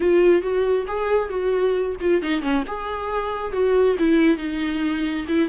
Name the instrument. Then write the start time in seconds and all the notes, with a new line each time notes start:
viola
0.00 F4
0.42 F#4
0.87 G#4
1.29 F#4
2.01 F4
2.22 D#4
2.41 C#4
2.67 G#4
3.52 F#4
3.98 E4
4.37 D#4
5.27 E4